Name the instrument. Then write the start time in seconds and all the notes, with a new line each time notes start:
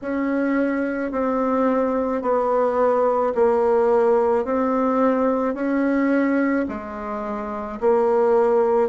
bassoon
0.02 C#4
1.11 C4
2.22 B3
3.34 A#3
4.44 C4
5.54 C#4
6.68 G#3
7.80 A#3